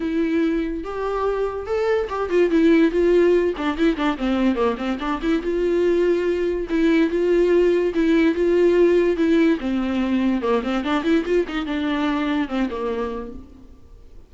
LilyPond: \new Staff \with { instrumentName = "viola" } { \time 4/4 \tempo 4 = 144 e'2 g'2 | a'4 g'8 f'8 e'4 f'4~ | f'8 d'8 e'8 d'8 c'4 ais8 c'8 | d'8 e'8 f'2. |
e'4 f'2 e'4 | f'2 e'4 c'4~ | c'4 ais8 c'8 d'8 e'8 f'8 dis'8 | d'2 c'8 ais4. | }